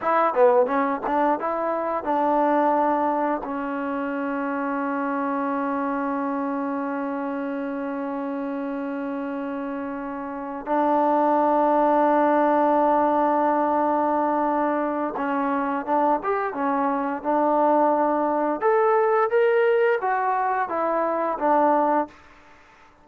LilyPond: \new Staff \with { instrumentName = "trombone" } { \time 4/4 \tempo 4 = 87 e'8 b8 cis'8 d'8 e'4 d'4~ | d'4 cis'2.~ | cis'1~ | cis'2.~ cis'8 d'8~ |
d'1~ | d'2 cis'4 d'8 g'8 | cis'4 d'2 a'4 | ais'4 fis'4 e'4 d'4 | }